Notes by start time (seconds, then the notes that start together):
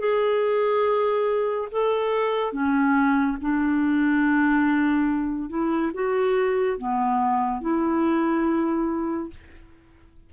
0.00 G#4
1.71 A4
2.53 C#4
3.41 D4
5.50 E4
5.94 F#4
6.78 B3
7.61 E4